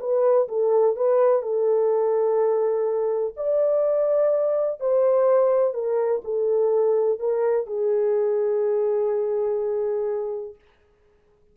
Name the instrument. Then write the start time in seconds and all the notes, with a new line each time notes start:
horn
0.00 B4
0.48 A4
0.96 B4
1.42 A4
3.37 D5
4.80 C5
5.74 A#4
6.24 A4
7.20 A#4
7.67 G#4